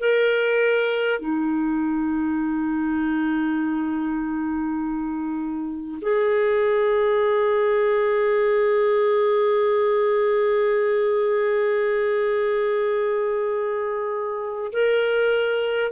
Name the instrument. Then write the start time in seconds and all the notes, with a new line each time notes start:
clarinet
0.00 A#4
1.20 D#4
6.02 G#4
14.73 A#4